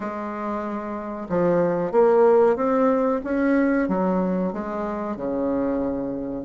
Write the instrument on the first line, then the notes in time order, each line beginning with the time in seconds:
bassoon
0.00 G#3
1.29 F3
1.91 A#3
2.56 C4
3.24 C#4
3.88 F#3
4.52 G#3
5.16 C#3